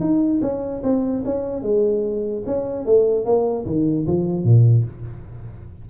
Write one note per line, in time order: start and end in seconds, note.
0.00 0.41 D#4
0.42 0.82 C#4
0.83 1.24 C4
1.25 1.62 C#4
1.62 2.43 G#3
2.46 2.85 C#4
2.85 3.25 A3
3.25 3.65 A#3
3.66 4.06 D#3
4.07 4.44 F3
4.44 4.84 A#2